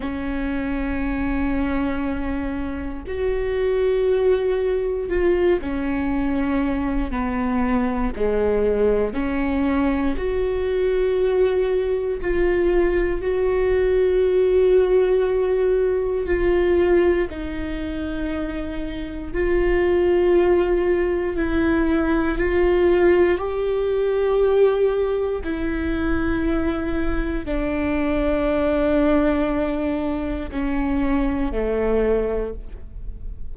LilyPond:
\new Staff \with { instrumentName = "viola" } { \time 4/4 \tempo 4 = 59 cis'2. fis'4~ | fis'4 f'8 cis'4. b4 | gis4 cis'4 fis'2 | f'4 fis'2. |
f'4 dis'2 f'4~ | f'4 e'4 f'4 g'4~ | g'4 e'2 d'4~ | d'2 cis'4 a4 | }